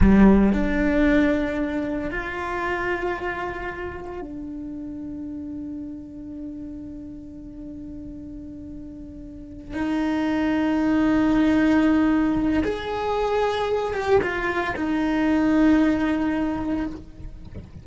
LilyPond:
\new Staff \with { instrumentName = "cello" } { \time 4/4 \tempo 4 = 114 g4 d'2. | f'1 | d'1~ | d'1~ |
d'2~ d'8 dis'4.~ | dis'1 | gis'2~ gis'8 g'8 f'4 | dis'1 | }